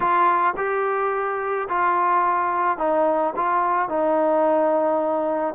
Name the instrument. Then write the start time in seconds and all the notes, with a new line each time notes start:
trombone
0.00 F4
0.56 G4
1.68 F4
2.78 D#4
3.35 F4
3.89 D#4